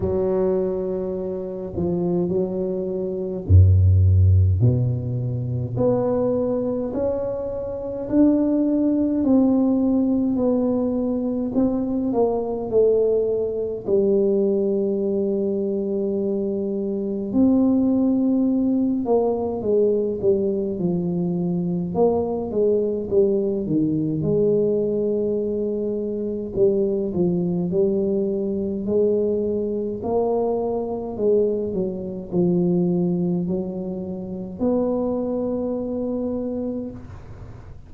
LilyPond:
\new Staff \with { instrumentName = "tuba" } { \time 4/4 \tempo 4 = 52 fis4. f8 fis4 fis,4 | b,4 b4 cis'4 d'4 | c'4 b4 c'8 ais8 a4 | g2. c'4~ |
c'8 ais8 gis8 g8 f4 ais8 gis8 | g8 dis8 gis2 g8 f8 | g4 gis4 ais4 gis8 fis8 | f4 fis4 b2 | }